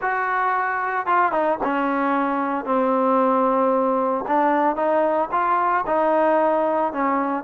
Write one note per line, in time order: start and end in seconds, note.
0.01 1.06 F#4
1.06 1.32 F4
1.32 1.58 D#4
1.63 2.65 C#4
2.65 4.24 C4
4.27 4.75 D4
4.75 5.29 D#4
5.31 5.84 F4
5.86 6.92 D#4
6.92 7.43 C#4